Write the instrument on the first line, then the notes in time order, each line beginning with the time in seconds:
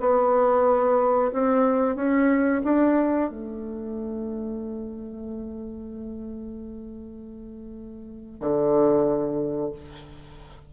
bassoon
0.00 B3
1.33 C4
1.96 C#4
2.64 D4
3.30 A3
8.41 D3